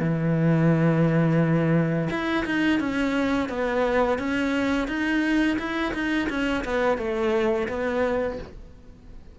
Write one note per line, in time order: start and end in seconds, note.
0.00 2.09 E3
2.10 2.45 E4
2.45 2.80 D#4
2.80 3.49 C#4
3.49 4.19 B3
4.19 4.88 C#4
4.88 5.58 D#4
5.59 5.94 E4
5.94 6.29 D#4
6.29 6.64 C#4
6.65 6.98 B3
6.98 7.68 A3
7.68 8.38 B3